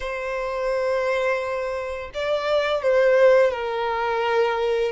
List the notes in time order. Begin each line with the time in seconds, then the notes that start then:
0.00 C5
2.14 D5
2.82 C5
3.51 A#4